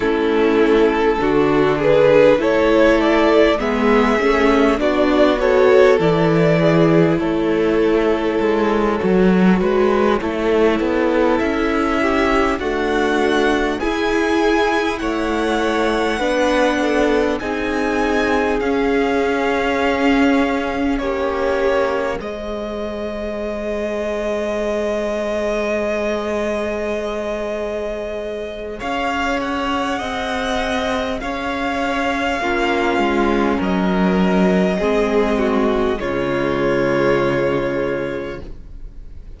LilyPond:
<<
  \new Staff \with { instrumentName = "violin" } { \time 4/4 \tempo 4 = 50 a'4. b'8 cis''8 d''8 e''4 | d''8 cis''8 d''4 cis''2~ | cis''4. e''4 fis''4 gis''8~ | gis''8 fis''2 gis''4 f''8~ |
f''4. cis''4 dis''4.~ | dis''1 | f''8 fis''4. f''2 | dis''2 cis''2 | }
  \new Staff \with { instrumentName = "violin" } { \time 4/4 e'4 fis'8 gis'8 a'4 gis'4 | fis'8 a'4 gis'8 a'2 | b'8 a'4. g'8 fis'4 gis'8~ | gis'8 cis''4 b'8 a'8 gis'4.~ |
gis'4. g'4 c''4.~ | c''1 | cis''4 dis''4 cis''4 f'4 | ais'4 gis'8 fis'8 f'2 | }
  \new Staff \with { instrumentName = "viola" } { \time 4/4 cis'4 d'4 e'4 b8 cis'8 | d'8 fis'8 e'2~ e'8 fis'8~ | fis'8 e'2 a4 e'8~ | e'4. d'4 dis'4 cis'8~ |
cis'2~ cis'8 gis'4.~ | gis'1~ | gis'2. cis'4~ | cis'4 c'4 gis2 | }
  \new Staff \with { instrumentName = "cello" } { \time 4/4 a4 d4 a4 gis8 a8 | b4 e4 a4 gis8 fis8 | gis8 a8 b8 cis'4 d'4 e'8~ | e'8 a4 b4 c'4 cis'8~ |
cis'4. ais4 gis4.~ | gis1 | cis'4 c'4 cis'4 ais8 gis8 | fis4 gis4 cis2 | }
>>